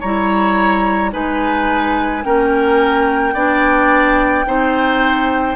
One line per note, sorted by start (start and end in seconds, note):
0.00 1.14 G3
0.00 1.11 E4
0.00 1.11 C#5
0.00 1.12 A#5
1.11 2.25 G#3
1.11 2.22 D#4
1.11 2.24 B4
1.11 2.25 G#5
2.23 3.34 A#3
2.23 3.34 C#4
2.23 3.34 A#4
2.23 5.56 G5
3.34 4.45 B3
3.34 4.46 D4
3.34 4.45 D5
4.46 5.56 C4
4.46 5.56 D#4
4.46 5.56 C5